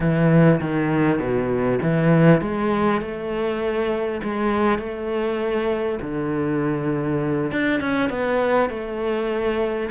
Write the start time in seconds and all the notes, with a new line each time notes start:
0.00 E3
0.60 D#3
1.19 B2
1.82 E3
2.41 G#3
3.01 A3
4.23 G#3
4.78 A3
6.01 D3
7.51 D4
7.80 C#4
8.09 B3
8.69 A3